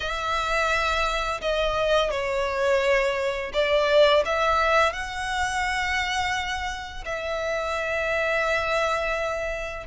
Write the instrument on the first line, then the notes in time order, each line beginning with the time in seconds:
violin
0.00 E5
1.41 D#5
2.10 C#5
3.53 D5
4.25 E5
4.92 F#5
7.05 E5